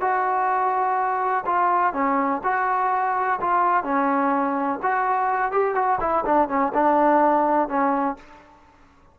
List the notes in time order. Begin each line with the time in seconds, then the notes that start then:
0.00 F#4
1.46 F4
1.93 C#4
2.43 F#4
3.40 F4
3.83 C#4
4.82 F#4
5.51 G4
5.75 F#4
6.00 E4
6.25 D4
6.48 C#4
6.73 D4
7.68 C#4